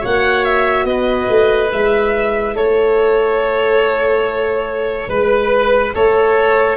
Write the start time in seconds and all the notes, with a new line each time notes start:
0.00 A#3 F#4 C#5 F#5
0.44 E5
0.84 B3 B4 D#5
1.29 A3
1.70 G#3 E4 E5
2.54 A3 A4 C#5
5.08 G#3 B4
5.94 A3 A4 C#5